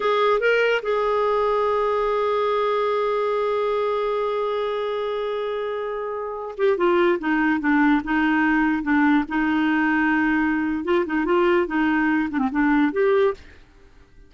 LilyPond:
\new Staff \with { instrumentName = "clarinet" } { \time 4/4 \tempo 4 = 144 gis'4 ais'4 gis'2~ | gis'1~ | gis'1~ | gis'2.~ gis'8. g'16~ |
g'16 f'4 dis'4 d'4 dis'8.~ | dis'4~ dis'16 d'4 dis'4.~ dis'16~ | dis'2 f'8 dis'8 f'4 | dis'4. d'16 c'16 d'4 g'4 | }